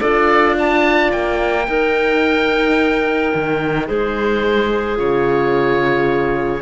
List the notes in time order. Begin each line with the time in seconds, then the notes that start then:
0.00 D4 F4 A4 D5
0.56 D5 A5
1.11 A#3 G5
1.66 D#4 A#4
3.34 D#3
3.86 G#3 G#4 C5
4.96 C#3 F4 C#5